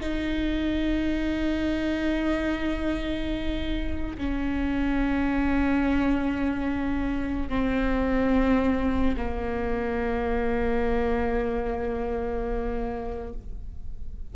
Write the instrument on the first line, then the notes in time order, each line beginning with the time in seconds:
viola
0.00 D#4
4.17 C#4
7.48 C4
9.16 A#3